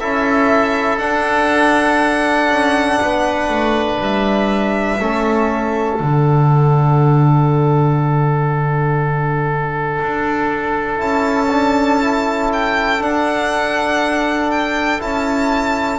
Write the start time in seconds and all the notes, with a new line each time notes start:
0.00 C#4 E4 A4 E5
0.99 D4 F#5
2.50 C#4
3.01 B3 B4
3.49 A3
4.00 G3 E5
5.00 A3 C#4 A4
5.99 D3 D4 F#5
10.01 D4
10.97 C#4 E4 A5
11.51 D4
12.01 E4
12.53 G5
13.00 D4 F#5
14.51 G5
15.00 C#4 E4 A5